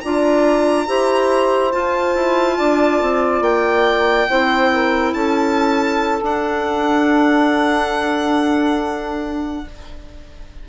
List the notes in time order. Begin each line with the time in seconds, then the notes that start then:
0.00 D4 F4 D5 A#5
0.86 E4 G4 C5
1.71 F4 A5
2.15 E4
2.57 D4 D5
3.02 C4
3.41 A#3 G5
4.28 C4 E4 C5
4.71 A#4
5.13 C#4 A4 A5
6.22 D4 F#5